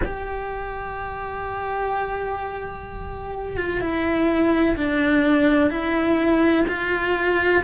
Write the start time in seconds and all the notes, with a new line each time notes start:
0.05 G4
3.57 F4
3.81 E4
4.76 D4
5.70 E4
6.68 F4